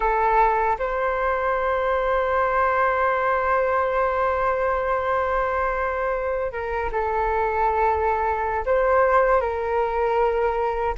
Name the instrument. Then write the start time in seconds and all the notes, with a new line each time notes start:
flute
0.00 A4
0.78 C5
6.51 A#4
6.92 A4
8.65 C5
9.41 A#4